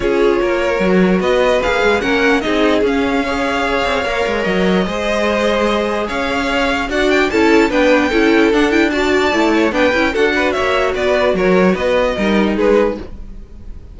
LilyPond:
<<
  \new Staff \with { instrumentName = "violin" } { \time 4/4 \tempo 4 = 148 cis''2. dis''4 | f''4 fis''4 dis''4 f''4~ | f''2. dis''4~ | dis''2. f''4~ |
f''4 fis''8 g''8 a''4 g''4~ | g''4 fis''8 g''8 a''2 | g''4 fis''4 e''4 d''4 | cis''4 dis''2 b'4 | }
  \new Staff \with { instrumentName = "violin" } { \time 4/4 gis'4 ais'2 b'4~ | b'4 ais'4 gis'2 | cis''1 | c''2. cis''4~ |
cis''4 d''4 a'4 b'4 | a'2 d''4. cis''8 | b'4 a'8 b'8 cis''4 b'4 | ais'4 b'4 ais'4 gis'4 | }
  \new Staff \with { instrumentName = "viola" } { \time 4/4 f'2 fis'2 | gis'4 cis'4 dis'4 cis'4 | gis'2 ais'2 | gis'1~ |
gis'4 fis'4 e'4 d'4 | e'4 d'8 e'8 fis'4 e'4 | d'8 e'8 fis'2.~ | fis'2 dis'2 | }
  \new Staff \with { instrumentName = "cello" } { \time 4/4 cis'4 ais4 fis4 b4 | ais8 gis8 ais4 c'4 cis'4~ | cis'4. c'8 ais8 gis8 fis4 | gis2. cis'4~ |
cis'4 d'4 cis'4 b4 | cis'4 d'2 a4 | b8 cis'8 d'4 ais4 b4 | fis4 b4 g4 gis4 | }
>>